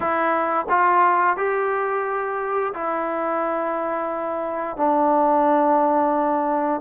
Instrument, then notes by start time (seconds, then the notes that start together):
trombone
0.00 E4
0.69 F4
1.36 G4
2.74 E4
4.76 D4